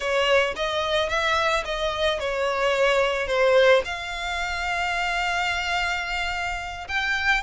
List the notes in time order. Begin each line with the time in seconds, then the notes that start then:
0.00 C#5
0.56 D#5
1.09 E5
1.64 D#5
2.19 C#5
3.27 C5
3.84 F5
6.88 G5